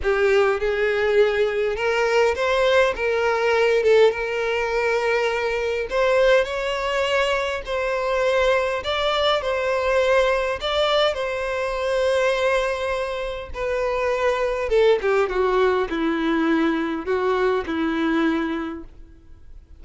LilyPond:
\new Staff \with { instrumentName = "violin" } { \time 4/4 \tempo 4 = 102 g'4 gis'2 ais'4 | c''4 ais'4. a'8 ais'4~ | ais'2 c''4 cis''4~ | cis''4 c''2 d''4 |
c''2 d''4 c''4~ | c''2. b'4~ | b'4 a'8 g'8 fis'4 e'4~ | e'4 fis'4 e'2 | }